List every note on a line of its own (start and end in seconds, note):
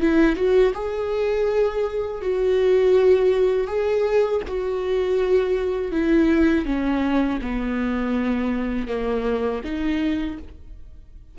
0.00 0.36 E4
0.36 0.73 F#4
0.73 2.21 G#4
2.21 3.67 F#4
3.67 4.41 G#4
4.47 5.91 F#4
5.91 6.65 E4
6.65 7.39 C#4
7.41 8.87 B3
8.87 9.61 A#3
9.64 10.38 D#4